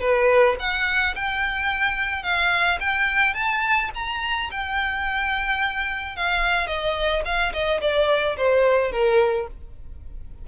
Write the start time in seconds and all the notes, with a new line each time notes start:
0.00 B4
0.59 F#5
1.15 G5
2.23 F5
2.80 G5
3.34 A5
3.94 A#5
4.51 G5
6.16 F5
6.67 D#5
7.25 F5
7.53 D#5
7.81 D5
8.37 C5
8.92 A#4